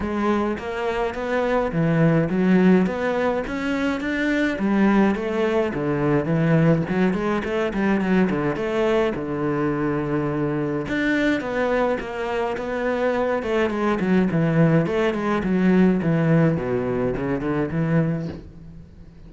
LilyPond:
\new Staff \with { instrumentName = "cello" } { \time 4/4 \tempo 4 = 105 gis4 ais4 b4 e4 | fis4 b4 cis'4 d'4 | g4 a4 d4 e4 | fis8 gis8 a8 g8 fis8 d8 a4 |
d2. d'4 | b4 ais4 b4. a8 | gis8 fis8 e4 a8 gis8 fis4 | e4 b,4 cis8 d8 e4 | }